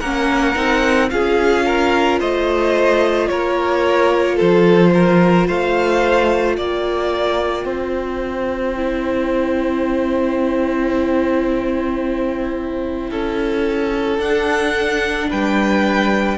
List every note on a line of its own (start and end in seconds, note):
0.00 0.56 A#3
0.00 0.55 C#4
0.00 1.09 A#4
0.00 1.09 F#5
0.55 1.11 C4
0.55 1.10 D#4
1.10 2.21 C#4
1.10 8.75 F4
1.10 1.66 G#4
1.10 2.19 F5
1.66 2.20 A#4
2.20 3.30 A3
2.20 3.29 C5
2.20 3.28 D#5
3.28 4.39 A#3
3.28 4.36 A#4
3.28 4.37 C#5
4.36 5.49 F3
4.36 4.90 A4
4.36 5.48 C5
4.94 5.47 A#4
5.47 6.57 A3
5.47 6.56 C5
5.47 6.57 F5
6.57 7.65 A#3
6.57 7.65 D5
6.57 14.20 G5
7.65 13.10 C4
7.65 13.10 C5
8.76 14.21 E4
13.11 14.18 C#4
13.11 15.29 A4
14.18 15.27 D4
14.18 16.38 D4
14.18 15.29 F#5
15.30 16.38 G3
15.30 16.38 B4
15.30 16.38 G5